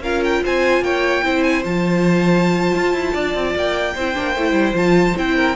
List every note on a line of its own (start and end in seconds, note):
0.00 0.40 C#4
0.00 1.24 F4
0.00 0.43 A#4
0.00 0.23 F5
0.24 0.44 G5
0.43 0.80 C4
0.43 0.83 C5
0.43 0.84 G#5
0.80 1.21 A#3
0.80 1.24 C#5
0.80 1.43 G5
1.24 1.65 C4
1.24 1.63 E4
1.24 3.13 C5
1.43 1.63 G#5
1.63 2.75 F3
1.63 3.95 F4
1.63 3.56 A5
2.75 2.94 F4
2.94 3.14 E4
3.13 3.34 D4
3.13 3.94 D5
3.34 3.55 C4
3.55 3.95 A#3
3.55 4.76 G5
3.94 4.16 C4
3.94 4.15 E4
3.94 5.35 C5
4.15 4.36 A#3
4.15 4.35 D4
4.36 4.52 A3
4.36 4.74 E4
4.52 4.72 G3
4.74 5.14 F3
4.74 5.14 F4
4.74 5.17 A5
5.16 5.56 C4
5.16 5.56 E4
5.16 5.56 G5
5.36 5.56 A#4